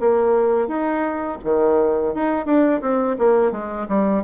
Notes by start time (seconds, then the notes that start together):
0.00 A#3
0.68 D#4
1.44 D#3
2.15 D#4
2.46 D4
2.81 C4
3.18 A#3
3.52 G#3
3.89 G3